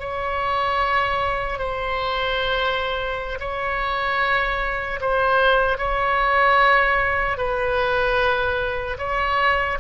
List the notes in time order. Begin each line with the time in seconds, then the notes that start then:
0.00 C#5
1.59 C5
3.40 C#5
5.01 C5
5.78 C#5
7.38 B4
8.99 C#5